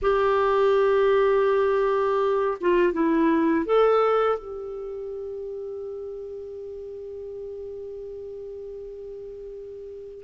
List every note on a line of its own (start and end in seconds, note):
0.02 2.58 G4
2.60 2.93 F4
2.93 3.65 E4
3.65 4.38 A4
4.38 10.23 G4